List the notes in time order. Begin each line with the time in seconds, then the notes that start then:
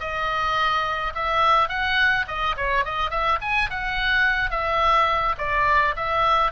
0.00 D#5
1.15 E5
1.69 F#5
2.27 D#5
2.57 C#5
2.85 D#5
3.11 E5
3.41 G#5
3.70 F#5
4.51 E5
5.38 D5
5.96 E5